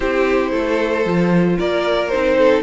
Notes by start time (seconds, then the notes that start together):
0.00 C4 E4 G4 C5
0.50 A3 A4
1.05 F3 F4
1.58 A#3 A#4 D5
2.08 C4 D#4 C5
2.38 A4